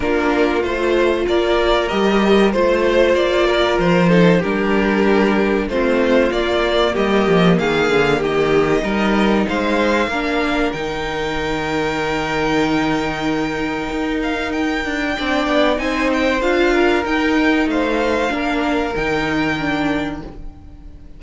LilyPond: <<
  \new Staff \with { instrumentName = "violin" } { \time 4/4 \tempo 4 = 95 ais'4 c''4 d''4 dis''4 | c''4 d''4 c''4 ais'4~ | ais'4 c''4 d''4 dis''4 | f''4 dis''2 f''4~ |
f''4 g''2.~ | g''2~ g''8 f''8 g''4~ | g''4 gis''8 g''8 f''4 g''4 | f''2 g''2 | }
  \new Staff \with { instrumentName = "violin" } { \time 4/4 f'2 ais'2 | c''4. ais'4 a'8 g'4~ | g'4 f'2 g'4 | gis'4 g'4 ais'4 c''4 |
ais'1~ | ais'1 | d''4 c''4. ais'4. | c''4 ais'2. | }
  \new Staff \with { instrumentName = "viola" } { \time 4/4 d'4 f'2 g'4 | f'2~ f'8 dis'8 d'4~ | d'4 c'4 ais2~ | ais2 dis'2 |
d'4 dis'2.~ | dis'1 | d'4 dis'4 f'4 dis'4~ | dis'4 d'4 dis'4 d'4 | }
  \new Staff \with { instrumentName = "cello" } { \time 4/4 ais4 a4 ais4 g4 | a4 ais4 f4 g4~ | g4 a4 ais4 g8 f8 | dis8 d8 dis4 g4 gis4 |
ais4 dis2.~ | dis2 dis'4. d'8 | c'8 b8 c'4 d'4 dis'4 | a4 ais4 dis2 | }
>>